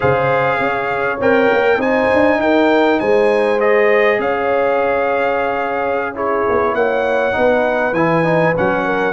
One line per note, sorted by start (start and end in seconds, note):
0.00 0.59 C#3
0.00 1.17 G#4
0.00 0.59 C5
0.00 1.20 F5
0.59 1.19 C#4
0.59 1.77 C#5
1.20 1.50 C4
1.20 1.78 A#4
1.20 1.81 G5
1.52 1.77 A#3
1.77 2.06 C4
1.77 3.58 D#4
1.77 2.37 C5
1.77 2.41 G#5
2.13 2.39 D4
2.39 2.99 D#4
2.39 3.00 A#4
2.39 2.99 G5
2.99 4.18 G#3
2.99 4.20 C5
2.99 3.59 G#5
3.60 6.14 G#4
3.60 4.20 D#5
4.18 6.43 C#4
4.18 6.15 C#5
4.18 6.15 F5
6.14 7.32 E4
6.14 6.75 G#4
6.14 6.74 C#5
6.49 6.72 B3
6.72 7.32 A#3
6.72 7.36 C#5
6.72 7.94 F#5
7.32 7.92 B3
7.32 7.92 D#4
7.32 8.85 B4
7.92 8.52 E3
7.92 8.23 E4
7.92 8.54 G#5
8.23 8.53 D#4
8.56 9.12 F#3
8.56 9.12 C#4
8.56 9.12 F#5
8.85 9.12 A#4